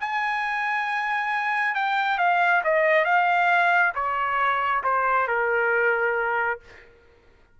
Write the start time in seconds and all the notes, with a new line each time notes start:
0.00 G#5
1.74 G5
2.18 F5
2.64 D#5
3.05 F5
3.95 C#5
4.83 C5
5.27 A#4